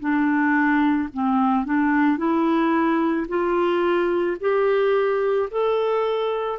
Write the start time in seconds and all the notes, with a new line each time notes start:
0.00 D4
1.14 C4
1.66 D4
2.18 E4
3.28 F4
4.40 G4
5.51 A4